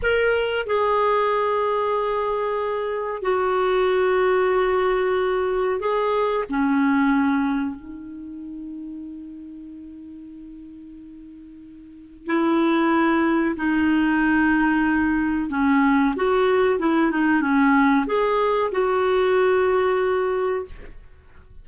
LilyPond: \new Staff \with { instrumentName = "clarinet" } { \time 4/4 \tempo 4 = 93 ais'4 gis'2.~ | gis'4 fis'2.~ | fis'4 gis'4 cis'2 | dis'1~ |
dis'2. e'4~ | e'4 dis'2. | cis'4 fis'4 e'8 dis'8 cis'4 | gis'4 fis'2. | }